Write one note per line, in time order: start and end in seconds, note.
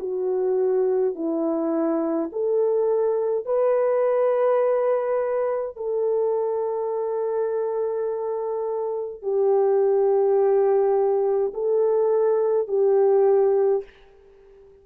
0.00 1.15 F#4
1.15 2.31 E4
2.32 3.46 A4
3.46 5.76 B4
5.76 9.23 A4
9.23 11.53 G4
11.54 12.68 A4
12.68 13.84 G4